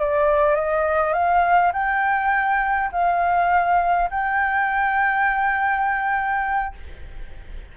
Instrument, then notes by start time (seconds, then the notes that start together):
flute
0.00 D5
0.56 D#5
1.14 F5
1.73 G5
2.93 F5
4.11 G5